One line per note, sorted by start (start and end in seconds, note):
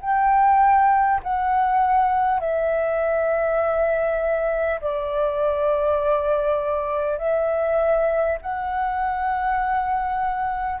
0.00 1.20 G5
1.23 2.40 F#5
2.40 4.80 E5
4.80 7.18 D5
7.18 8.38 E5
8.41 10.80 F#5